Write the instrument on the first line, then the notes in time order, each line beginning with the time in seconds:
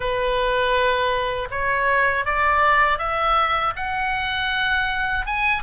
oboe
0.00 B4
1.50 C#5
2.25 D5
2.98 E5
3.75 F#5
5.26 G#5